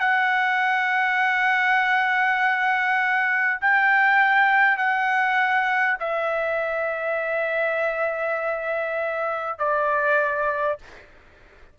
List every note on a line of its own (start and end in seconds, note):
0.00 3.60 F#5
3.61 4.77 G5
4.77 5.97 F#5
6.00 9.59 E5
9.59 10.79 D5